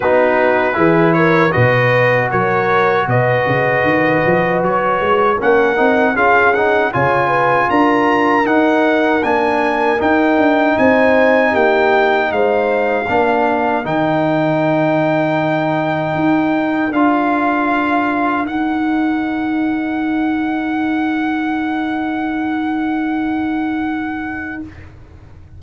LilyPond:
<<
  \new Staff \with { instrumentName = "trumpet" } { \time 4/4 \tempo 4 = 78 b'4. cis''8 dis''4 cis''4 | dis''2 cis''4 fis''4 | f''8 fis''8 gis''4 ais''4 fis''4 | gis''4 g''4 gis''4 g''4 |
f''2 g''2~ | g''2 f''2 | fis''1~ | fis''1 | }
  \new Staff \with { instrumentName = "horn" } { \time 4/4 fis'4 gis'8 ais'8 b'4 ais'4 | b'2. ais'4 | gis'4 cis''8 b'8 ais'2~ | ais'2 c''4 g'4 |
c''4 ais'2.~ | ais'1~ | ais'1~ | ais'1 | }
  \new Staff \with { instrumentName = "trombone" } { \time 4/4 dis'4 e'4 fis'2~ | fis'2. cis'8 dis'8 | f'8 dis'8 f'2 dis'4 | d'4 dis'2.~ |
dis'4 d'4 dis'2~ | dis'2 f'2 | dis'1~ | dis'1 | }
  \new Staff \with { instrumentName = "tuba" } { \time 4/4 b4 e4 b,4 fis4 | b,8 cis8 dis8 f8 fis8 gis8 ais8 c'8 | cis'4 cis4 d'4 dis'4 | ais4 dis'8 d'8 c'4 ais4 |
gis4 ais4 dis2~ | dis4 dis'4 d'2 | dis'1~ | dis'1 | }
>>